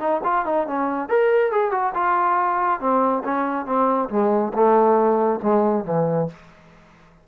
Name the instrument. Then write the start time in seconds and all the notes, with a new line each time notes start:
trombone
0.00 D#4
0.24 F4
0.46 D#4
0.67 C#4
1.09 A#4
1.52 G#4
1.72 F#4
1.94 F4
2.80 C4
3.25 C#4
3.66 C4
4.10 G#3
4.54 A3
5.43 G#3
5.85 E3